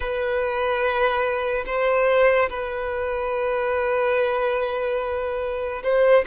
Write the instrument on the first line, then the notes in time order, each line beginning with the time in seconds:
violin
0.00 B4
1.66 C5
2.49 B4
5.83 C5